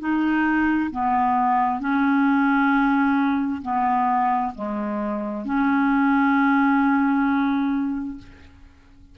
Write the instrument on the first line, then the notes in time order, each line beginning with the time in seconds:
clarinet
0.00 D#4
0.91 B3
1.80 C#4
3.62 B3
4.55 G#3
5.45 C#4